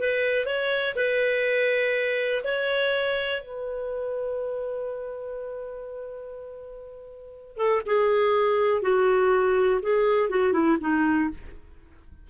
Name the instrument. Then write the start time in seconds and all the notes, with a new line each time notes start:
clarinet
0.00 B4
0.46 C#5
0.96 B4
2.44 C#5
3.42 B4
7.57 A4
7.87 G#4
8.83 F#4
9.82 G#4
10.30 F#4
10.53 E4
10.81 D#4